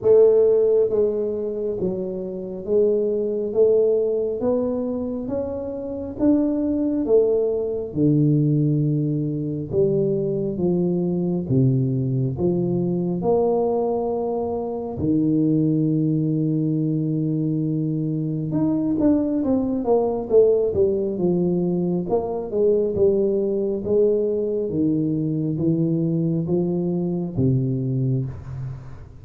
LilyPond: \new Staff \with { instrumentName = "tuba" } { \time 4/4 \tempo 4 = 68 a4 gis4 fis4 gis4 | a4 b4 cis'4 d'4 | a4 d2 g4 | f4 c4 f4 ais4~ |
ais4 dis2.~ | dis4 dis'8 d'8 c'8 ais8 a8 g8 | f4 ais8 gis8 g4 gis4 | dis4 e4 f4 c4 | }